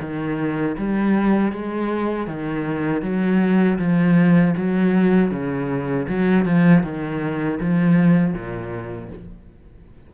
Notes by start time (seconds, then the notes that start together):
0.00 D#3
0.77 G3
1.52 G#3
2.27 D#3
3.01 F#3
3.78 F3
4.56 F#3
5.31 C#3
6.08 F#3
6.45 F3
6.83 D#3
7.59 F3
8.33 A#2